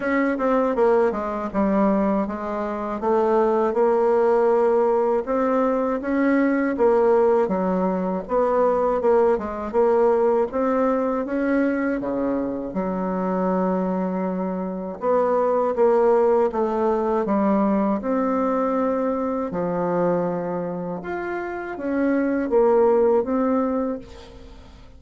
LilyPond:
\new Staff \with { instrumentName = "bassoon" } { \time 4/4 \tempo 4 = 80 cis'8 c'8 ais8 gis8 g4 gis4 | a4 ais2 c'4 | cis'4 ais4 fis4 b4 | ais8 gis8 ais4 c'4 cis'4 |
cis4 fis2. | b4 ais4 a4 g4 | c'2 f2 | f'4 cis'4 ais4 c'4 | }